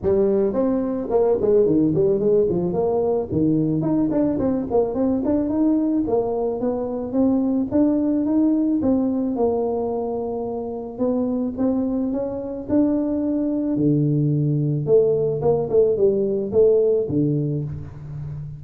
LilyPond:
\new Staff \with { instrumentName = "tuba" } { \time 4/4 \tempo 4 = 109 g4 c'4 ais8 gis8 dis8 g8 | gis8 f8 ais4 dis4 dis'8 d'8 | c'8 ais8 c'8 d'8 dis'4 ais4 | b4 c'4 d'4 dis'4 |
c'4 ais2. | b4 c'4 cis'4 d'4~ | d'4 d2 a4 | ais8 a8 g4 a4 d4 | }